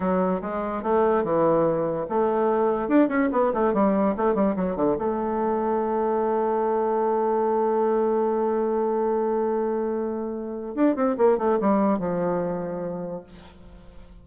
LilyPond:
\new Staff \with { instrumentName = "bassoon" } { \time 4/4 \tempo 4 = 145 fis4 gis4 a4 e4~ | e4 a2 d'8 cis'8 | b8 a8 g4 a8 g8 fis8 d8 | a1~ |
a1~ | a1~ | a2 d'8 c'8 ais8 a8 | g4 f2. | }